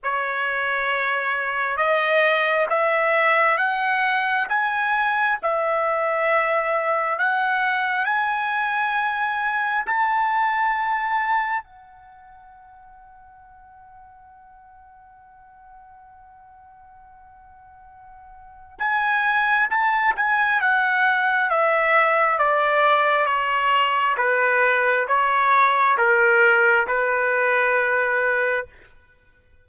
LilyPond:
\new Staff \with { instrumentName = "trumpet" } { \time 4/4 \tempo 4 = 67 cis''2 dis''4 e''4 | fis''4 gis''4 e''2 | fis''4 gis''2 a''4~ | a''4 fis''2.~ |
fis''1~ | fis''4 gis''4 a''8 gis''8 fis''4 | e''4 d''4 cis''4 b'4 | cis''4 ais'4 b'2 | }